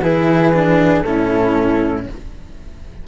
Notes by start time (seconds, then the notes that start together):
0.00 E3 E4 G#4 B4
0.53 D4
1.01 A2 C#4 E4 A4